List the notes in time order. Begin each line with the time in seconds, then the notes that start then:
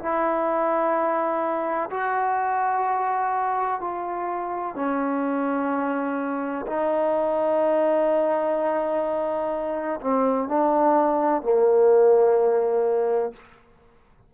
0.00 E4
1.90 F#4
3.81 F4
4.76 C#4
6.67 D#4
10.01 C4
10.48 D4
11.43 A#3